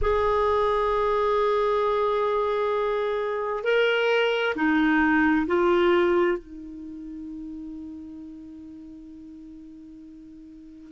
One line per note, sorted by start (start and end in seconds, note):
0.01 3.63 G#4
3.63 4.54 A#4
4.55 5.46 D#4
5.47 6.38 F4
6.38 10.91 D#4